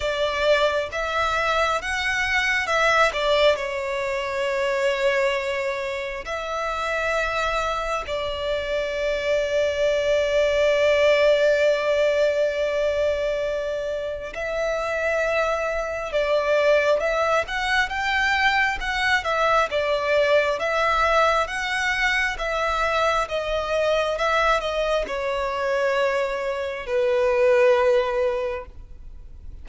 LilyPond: \new Staff \with { instrumentName = "violin" } { \time 4/4 \tempo 4 = 67 d''4 e''4 fis''4 e''8 d''8 | cis''2. e''4~ | e''4 d''2.~ | d''1 |
e''2 d''4 e''8 fis''8 | g''4 fis''8 e''8 d''4 e''4 | fis''4 e''4 dis''4 e''8 dis''8 | cis''2 b'2 | }